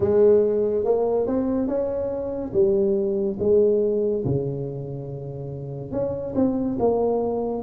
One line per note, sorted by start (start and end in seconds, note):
0.00 0.84 G#3
0.84 1.26 A#3
1.26 1.67 C4
1.67 2.52 C#4
2.53 3.37 G3
3.39 4.23 G#3
4.24 5.92 C#3
5.92 6.34 C#4
6.35 6.77 C4
6.79 7.62 A#3